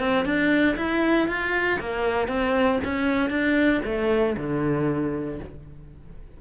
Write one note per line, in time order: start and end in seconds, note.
0.00 0.26 C4
0.26 0.77 D4
0.77 1.28 E4
1.28 1.80 F4
1.80 2.28 A#3
2.28 2.80 C4
2.85 3.30 C#4
3.30 3.82 D4
3.86 4.37 A3
4.38 5.40 D3